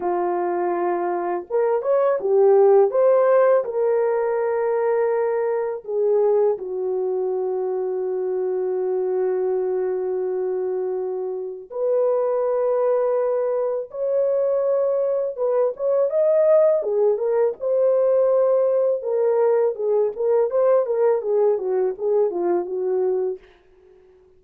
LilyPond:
\new Staff \with { instrumentName = "horn" } { \time 4/4 \tempo 4 = 82 f'2 ais'8 cis''8 g'4 | c''4 ais'2. | gis'4 fis'2.~ | fis'1 |
b'2. cis''4~ | cis''4 b'8 cis''8 dis''4 gis'8 ais'8 | c''2 ais'4 gis'8 ais'8 | c''8 ais'8 gis'8 fis'8 gis'8 f'8 fis'4 | }